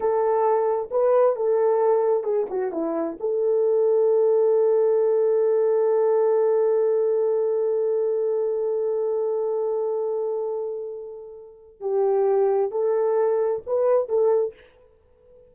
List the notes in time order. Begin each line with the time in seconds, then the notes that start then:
0.00 A4
0.90 B4
1.36 A4
2.23 G#4
2.49 F#4
2.72 E4
3.20 A4
11.80 G4
12.71 A4
13.66 B4
14.08 A4